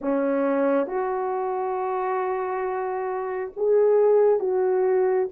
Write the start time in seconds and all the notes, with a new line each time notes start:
0.01 C#4
0.86 F#4
3.56 G#4
4.39 F#4